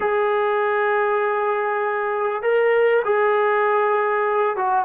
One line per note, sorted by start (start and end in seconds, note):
0.00 2.42 G#4
2.42 3.02 A#4
3.04 4.56 G#4
4.56 4.85 F#4